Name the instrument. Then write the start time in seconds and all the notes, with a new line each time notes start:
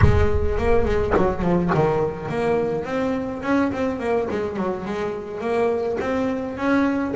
double bass
0.01 G#3
0.58 A#3
0.85 G#3
1.16 F#3
1.41 F3
1.74 D#3
2.28 A#3
2.84 C4
3.43 C#4
3.72 C4
3.99 A#3
4.30 G#3
4.56 F#3
4.85 G#3
5.40 A#3
6.00 C4
6.57 C#4